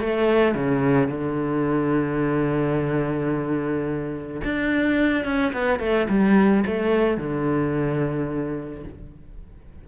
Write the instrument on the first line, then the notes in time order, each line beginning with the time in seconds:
cello
0.00 A3
0.55 C#3
1.08 D3
4.44 D4
5.25 C#4
5.53 B3
5.80 A3
6.09 G3
6.66 A3
7.17 D3